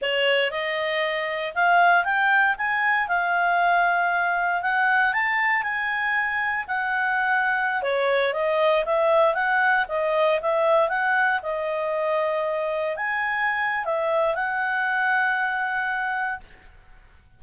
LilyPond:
\new Staff \with { instrumentName = "clarinet" } { \time 4/4 \tempo 4 = 117 cis''4 dis''2 f''4 | g''4 gis''4 f''2~ | f''4 fis''4 a''4 gis''4~ | gis''4 fis''2~ fis''16 cis''8.~ |
cis''16 dis''4 e''4 fis''4 dis''8.~ | dis''16 e''4 fis''4 dis''4.~ dis''16~ | dis''4~ dis''16 gis''4.~ gis''16 e''4 | fis''1 | }